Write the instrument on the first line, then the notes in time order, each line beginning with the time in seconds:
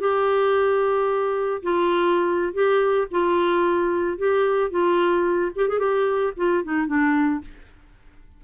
clarinet
0.00 G4
1.63 F4
2.53 G4
3.11 F4
4.18 G4
4.71 F4
5.56 G4
5.69 G#4
5.79 G4
6.37 F4
6.64 D#4
6.87 D4